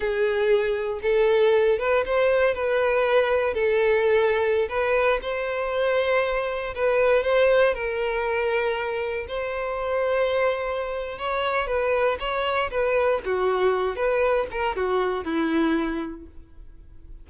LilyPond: \new Staff \with { instrumentName = "violin" } { \time 4/4 \tempo 4 = 118 gis'2 a'4. b'8 | c''4 b'2 a'4~ | a'4~ a'16 b'4 c''4.~ c''16~ | c''4~ c''16 b'4 c''4 ais'8.~ |
ais'2~ ais'16 c''4.~ c''16~ | c''2 cis''4 b'4 | cis''4 b'4 fis'4. b'8~ | b'8 ais'8 fis'4 e'2 | }